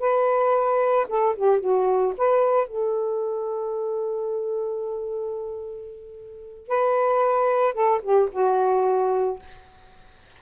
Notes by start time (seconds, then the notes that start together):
0.00 B4
1.09 A4
1.36 G4
1.61 F#4
2.18 B4
2.68 A4
6.68 B4
7.74 A4
8.03 G4
8.32 F#4